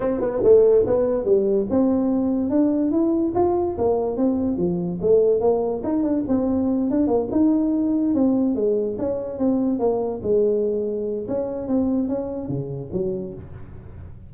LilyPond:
\new Staff \with { instrumentName = "tuba" } { \time 4/4 \tempo 4 = 144 c'8 b8 a4 b4 g4 | c'2 d'4 e'4 | f'4 ais4 c'4 f4 | a4 ais4 dis'8 d'8 c'4~ |
c'8 d'8 ais8 dis'2 c'8~ | c'8 gis4 cis'4 c'4 ais8~ | ais8 gis2~ gis8 cis'4 | c'4 cis'4 cis4 fis4 | }